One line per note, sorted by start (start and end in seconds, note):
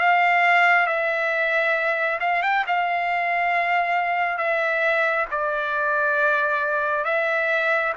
0.00 0.87 F5
0.87 2.19 E5
2.21 2.43 F5
2.43 2.66 G5
2.68 4.38 F5
4.38 5.26 E5
5.31 7.05 D5
7.05 7.93 E5